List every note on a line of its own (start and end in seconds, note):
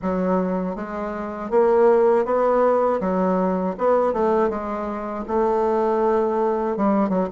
0.01 0.75 F#3
0.75 1.50 G#3
1.50 2.25 A#3
2.25 3.00 B3
3.00 3.75 F#3
3.78 4.12 B3
4.12 4.49 A3
4.49 5.24 G#3
5.27 6.77 A3
6.77 7.09 G3
7.09 7.27 F#3